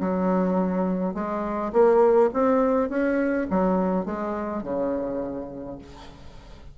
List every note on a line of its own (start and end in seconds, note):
0.00 1.14 F#3
1.14 1.72 G#3
1.72 2.30 A#3
2.33 2.89 C4
2.89 3.47 C#4
3.50 4.05 F#3
4.05 4.63 G#3
4.63 5.78 C#3